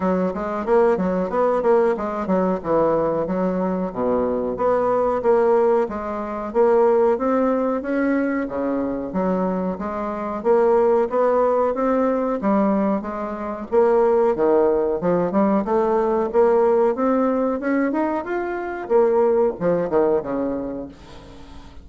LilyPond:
\new Staff \with { instrumentName = "bassoon" } { \time 4/4 \tempo 4 = 92 fis8 gis8 ais8 fis8 b8 ais8 gis8 fis8 | e4 fis4 b,4 b4 | ais4 gis4 ais4 c'4 | cis'4 cis4 fis4 gis4 |
ais4 b4 c'4 g4 | gis4 ais4 dis4 f8 g8 | a4 ais4 c'4 cis'8 dis'8 | f'4 ais4 f8 dis8 cis4 | }